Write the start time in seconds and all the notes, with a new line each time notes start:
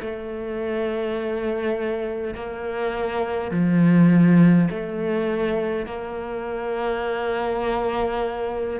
0.00 A3
2.34 A#3
3.51 F3
4.70 A3
5.86 A#3